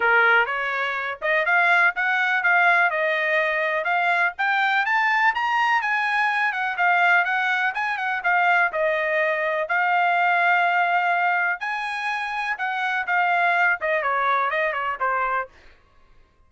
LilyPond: \new Staff \with { instrumentName = "trumpet" } { \time 4/4 \tempo 4 = 124 ais'4 cis''4. dis''8 f''4 | fis''4 f''4 dis''2 | f''4 g''4 a''4 ais''4 | gis''4. fis''8 f''4 fis''4 |
gis''8 fis''8 f''4 dis''2 | f''1 | gis''2 fis''4 f''4~ | f''8 dis''8 cis''4 dis''8 cis''8 c''4 | }